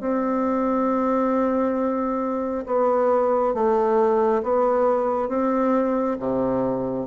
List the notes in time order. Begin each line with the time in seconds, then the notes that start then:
0.00 C4
2.66 B3
3.54 A3
4.43 B3
5.29 C4
6.19 C3